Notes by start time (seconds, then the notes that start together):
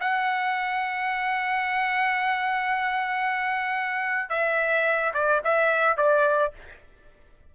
0.00 F#5
4.29 E5
5.14 D5
5.44 E5
5.97 D5